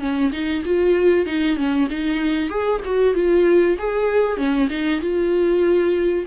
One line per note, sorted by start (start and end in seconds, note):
0.00 0.31 C#4
0.32 0.63 D#4
0.65 1.26 F4
1.26 1.57 D#4
1.57 1.88 C#4
1.90 2.50 D#4
2.50 2.81 G#4
2.85 3.15 F#4
3.15 3.77 F4
3.79 4.38 G#4
4.38 4.69 C#4
4.70 5.01 D#4
5.01 6.26 F4